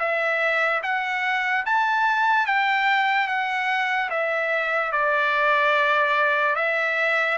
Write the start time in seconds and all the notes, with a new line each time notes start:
0.00 E5
0.83 F#5
1.66 A5
2.47 G5
3.28 F#5
4.10 E5
4.92 D5
6.56 E5